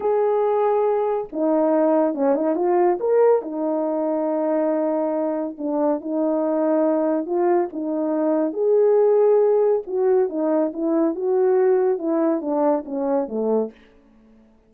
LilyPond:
\new Staff \with { instrumentName = "horn" } { \time 4/4 \tempo 4 = 140 gis'2. dis'4~ | dis'4 cis'8 dis'8 f'4 ais'4 | dis'1~ | dis'4 d'4 dis'2~ |
dis'4 f'4 dis'2 | gis'2. fis'4 | dis'4 e'4 fis'2 | e'4 d'4 cis'4 a4 | }